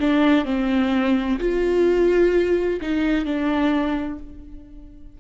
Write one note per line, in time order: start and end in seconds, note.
0.00 0.45 D4
0.45 1.39 C4
1.39 2.80 F4
2.81 3.25 D#4
3.25 4.18 D4